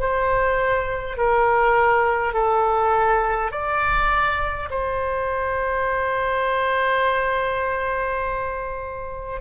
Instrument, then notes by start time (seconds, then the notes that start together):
oboe
0.00 C5
1.18 A#4
2.34 A4
3.52 D5
4.71 C5